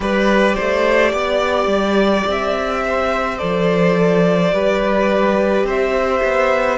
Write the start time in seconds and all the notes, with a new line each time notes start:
0.00 G3 G4 B4 D5
0.54 A3 C5
1.13 B3 D5
1.66 G3
2.26 C4 E5
2.84 C5
3.37 F3 A4 D5
4.51 G3 G4 B4
5.63 C4 C5 E5
6.23 B3